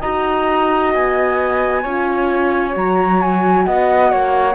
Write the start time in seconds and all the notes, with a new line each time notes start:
0.00 D#4 F#4 D#5 A#5
0.94 B3 G#5
1.83 C#4 F4 C#5
2.72 F#3 F#4 A#5
3.22 G#5
3.65 B3 D#5 F#5
4.12 A#3 C#5